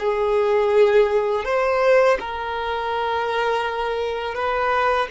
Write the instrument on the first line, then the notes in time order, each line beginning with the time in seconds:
violin
0.00 G#4
1.45 C5
2.20 A#4
4.35 B4